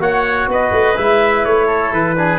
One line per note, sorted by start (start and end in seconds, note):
0.00 0.48 A#3
0.00 0.96 F#4
0.00 0.49 C#5
0.00 0.49 F#5
0.48 0.72 B3
0.48 1.67 B4
0.48 0.98 D#5
0.72 0.96 A3
0.97 1.45 G#3
0.97 2.16 E4
0.97 1.45 E5
1.45 1.92 A3
1.45 1.93 C#5
1.67 2.15 A4
1.92 2.39 E3
1.92 2.40 B4
2.17 2.40 D4
2.17 2.40 G#4